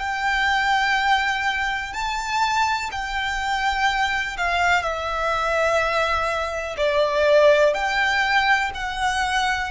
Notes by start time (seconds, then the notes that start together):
0.00 G5
1.94 A5
2.92 G5
4.38 F5
4.83 E5
6.78 D5
7.75 G5
8.75 F#5